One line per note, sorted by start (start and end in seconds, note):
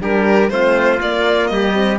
0.00 0.50 G3
0.00 0.50 D4
0.00 0.52 G4
0.00 0.50 A#4
0.50 1.00 A3
0.50 0.99 C4
0.50 1.53 F4
0.50 1.00 C5
0.99 1.74 A#3
0.99 1.50 A#3
0.99 1.47 D5
1.47 1.99 G3
1.47 1.99 G4
1.47 1.97 D#5
1.74 1.99 C4